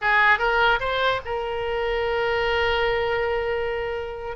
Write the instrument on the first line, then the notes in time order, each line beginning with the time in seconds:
oboe
0.01 G#4
0.38 A#4
0.80 C5
1.25 A#4